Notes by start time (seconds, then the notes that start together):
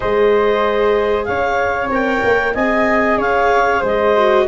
0.00 G#3 G#4 C5 D#5
1.24 C#4 C#5 F5
1.89 C4 A#4 G5
2.24 A#3
2.54 C4 G#4 D#5 G#5
3.17 C#4 C#5 F5
3.80 G#3 C5 D#5
4.16 F#4